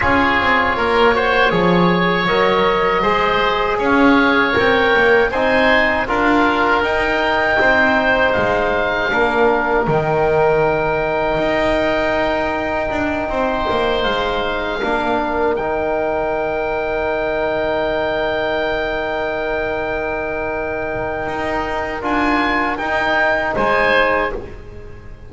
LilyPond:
<<
  \new Staff \with { instrumentName = "oboe" } { \time 4/4 \tempo 4 = 79 cis''2. dis''4~ | dis''4 f''4 g''4 gis''4 | f''4 g''2 f''4~ | f''4 g''2.~ |
g''2~ g''8 f''4.~ | f''8 g''2.~ g''8~ | g''1~ | g''4 gis''4 g''4 gis''4 | }
  \new Staff \with { instrumentName = "oboe" } { \time 4/4 gis'4 ais'8 c''8 cis''2 | c''4 cis''2 c''4 | ais'2 c''2 | ais'1~ |
ais'4. c''2 ais'8~ | ais'1~ | ais'1~ | ais'2. c''4 | }
  \new Staff \with { instrumentName = "trombone" } { \time 4/4 f'4. fis'8 gis'4 ais'4 | gis'2 ais'4 dis'4 | f'4 dis'2. | d'4 dis'2.~ |
dis'2.~ dis'8 d'8~ | d'8 dis'2.~ dis'8~ | dis'1~ | dis'4 f'4 dis'2 | }
  \new Staff \with { instrumentName = "double bass" } { \time 4/4 cis'8 c'8 ais4 f4 fis4 | gis4 cis'4 c'8 ais8 c'4 | d'4 dis'4 c'4 gis4 | ais4 dis2 dis'4~ |
dis'4 d'8 c'8 ais8 gis4 ais8~ | ais8 dis2.~ dis8~ | dis1 | dis'4 d'4 dis'4 gis4 | }
>>